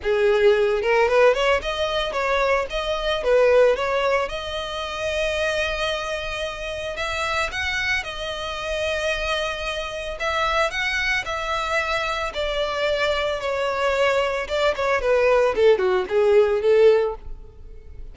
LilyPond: \new Staff \with { instrumentName = "violin" } { \time 4/4 \tempo 4 = 112 gis'4. ais'8 b'8 cis''8 dis''4 | cis''4 dis''4 b'4 cis''4 | dis''1~ | dis''4 e''4 fis''4 dis''4~ |
dis''2. e''4 | fis''4 e''2 d''4~ | d''4 cis''2 d''8 cis''8 | b'4 a'8 fis'8 gis'4 a'4 | }